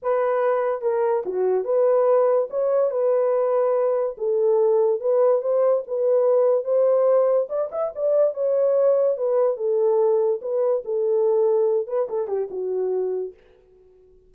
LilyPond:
\new Staff \with { instrumentName = "horn" } { \time 4/4 \tempo 4 = 144 b'2 ais'4 fis'4 | b'2 cis''4 b'4~ | b'2 a'2 | b'4 c''4 b'2 |
c''2 d''8 e''8 d''4 | cis''2 b'4 a'4~ | a'4 b'4 a'2~ | a'8 b'8 a'8 g'8 fis'2 | }